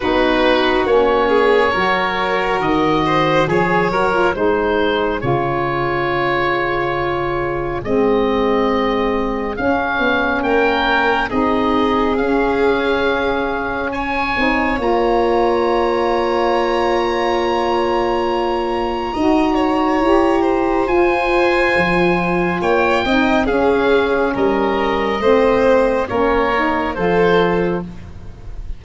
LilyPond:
<<
  \new Staff \with { instrumentName = "oboe" } { \time 4/4 \tempo 4 = 69 b'4 cis''2 dis''4 | gis'8 ais'8 c''4 cis''2~ | cis''4 dis''2 f''4 | g''4 dis''4 f''2 |
gis''4 ais''2.~ | ais''1 | gis''2 g''4 f''4 | dis''2 cis''4 c''4 | }
  \new Staff \with { instrumentName = "violin" } { \time 4/4 fis'4. gis'8 ais'4. c''8 | cis''4 gis'2.~ | gis'1 | ais'4 gis'2. |
cis''1~ | cis''2 dis''8 cis''4 c''8~ | c''2 cis''8 dis''8 gis'4 | ais'4 c''4 ais'4 a'4 | }
  \new Staff \with { instrumentName = "saxophone" } { \time 4/4 dis'4 cis'4 fis'2 | gis'8 fis'16 f'16 dis'4 f'2~ | f'4 c'2 cis'4~ | cis'4 dis'4 cis'2~ |
cis'8 dis'8 f'2.~ | f'2 fis'4 g'4 | f'2~ f'8 dis'8 cis'4~ | cis'4 c'4 cis'8 dis'8 f'4 | }
  \new Staff \with { instrumentName = "tuba" } { \time 4/4 b4 ais4 fis4 dis4 | f8 fis8 gis4 cis2~ | cis4 gis2 cis'8 b8 | ais4 c'4 cis'2~ |
cis'8 c'8 ais2.~ | ais2 dis'4 e'4 | f'4 f4 ais8 c'8 cis'4 | g4 a4 ais4 f4 | }
>>